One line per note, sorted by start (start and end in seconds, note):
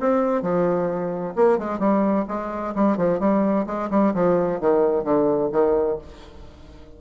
0.00 0.42 C4
0.42 1.34 F3
1.36 1.58 A#3
1.58 1.79 G#3
1.79 2.25 G3
2.28 2.74 G#3
2.75 2.97 G3
2.97 3.20 F3
3.20 3.66 G3
3.67 3.90 G#3
3.90 4.13 G3
4.14 4.60 F3
4.60 5.04 D#3
5.04 5.50 D3
5.52 5.98 D#3